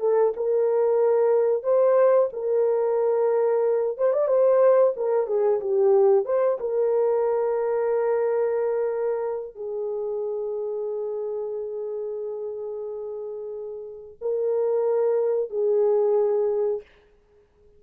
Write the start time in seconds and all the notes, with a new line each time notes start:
0.00 A4
0.36 A#4
1.63 C5
2.33 A#4
3.98 C5
4.13 D5
4.27 C5
4.96 A#4
5.27 G#4
5.60 G4
6.25 C5
6.60 A#4
9.55 G#4
14.21 A#4
15.50 G#4